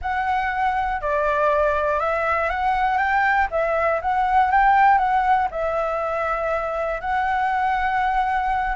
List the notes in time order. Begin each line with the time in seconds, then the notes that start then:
0.01 F#5
1.01 D5
1.99 E5
2.49 F#5
2.97 G5
3.50 E5
4.01 F#5
4.51 G5
4.97 F#5
5.50 E5
7.00 F#5